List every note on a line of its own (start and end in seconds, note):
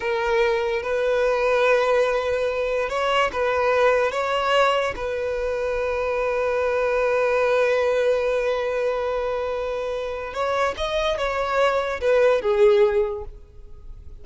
0.00 0.82 A#4
0.82 2.89 B4
2.89 3.30 C#5
3.32 4.11 B4
4.11 4.94 C#5
4.96 10.33 B4
10.33 10.75 C#5
10.77 11.17 D#5
11.17 12.00 C#5
12.00 12.41 B4
12.41 13.24 G#4